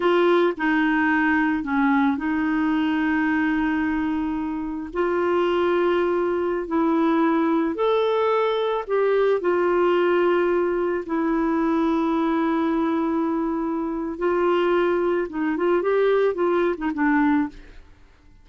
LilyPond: \new Staff \with { instrumentName = "clarinet" } { \time 4/4 \tempo 4 = 110 f'4 dis'2 cis'4 | dis'1~ | dis'4 f'2.~ | f'16 e'2 a'4.~ a'16~ |
a'16 g'4 f'2~ f'8.~ | f'16 e'2.~ e'8.~ | e'2 f'2 | dis'8 f'8 g'4 f'8. dis'16 d'4 | }